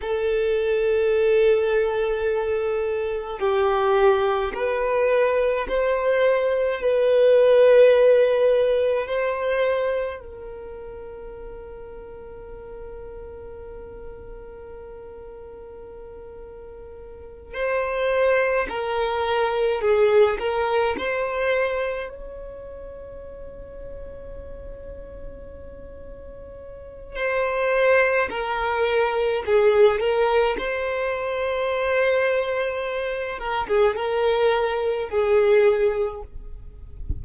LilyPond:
\new Staff \with { instrumentName = "violin" } { \time 4/4 \tempo 4 = 53 a'2. g'4 | b'4 c''4 b'2 | c''4 ais'2.~ | ais'2.~ ais'8 c''8~ |
c''8 ais'4 gis'8 ais'8 c''4 cis''8~ | cis''1 | c''4 ais'4 gis'8 ais'8 c''4~ | c''4. ais'16 gis'16 ais'4 gis'4 | }